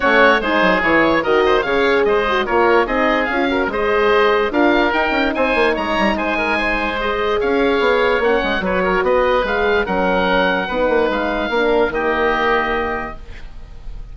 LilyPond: <<
  \new Staff \with { instrumentName = "oboe" } { \time 4/4 \tempo 4 = 146 cis''4 c''4 cis''4 dis''4 | f''4 dis''4 cis''4 dis''4 | f''4 dis''2 f''4 | g''4 gis''4 ais''4 gis''4~ |
gis''4 dis''4 f''2 | fis''4 cis''4 dis''4 f''4 | fis''2. f''4~ | f''4 dis''2. | }
  \new Staff \with { instrumentName = "oboe" } { \time 4/4 fis'4 gis'2 ais'8 c''8 | cis''4 c''4 ais'4 gis'4~ | gis'8 ais'8 c''2 ais'4~ | ais'4 c''4 cis''4 c''8 ais'8 |
c''2 cis''2~ | cis''4 b'8 ais'8 b'2 | ais'2 b'2 | ais'4 g'2. | }
  \new Staff \with { instrumentName = "horn" } { \time 4/4 cis'4 dis'4 e'4 fis'4 | gis'4. fis'8 f'4 dis'4 | f'8 fis'8 gis'2 f'4 | dis'1~ |
dis'4 gis'2. | cis'4 fis'2 gis'4 | cis'2 dis'2 | d'4 ais2. | }
  \new Staff \with { instrumentName = "bassoon" } { \time 4/4 a4 gis8 fis8 e4 dis4 | cis4 gis4 ais4 c'4 | cis'4 gis2 d'4 | dis'8 cis'8 c'8 ais8 gis8 g8 gis4~ |
gis2 cis'4 b4 | ais8 gis8 fis4 b4 gis4 | fis2 b8 ais8 gis4 | ais4 dis2. | }
>>